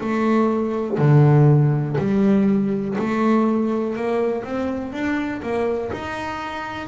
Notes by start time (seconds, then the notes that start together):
0.00 A3
0.97 D3
1.98 G3
2.98 A3
3.96 A#3
4.44 C4
4.92 D4
5.42 A#3
5.92 D#4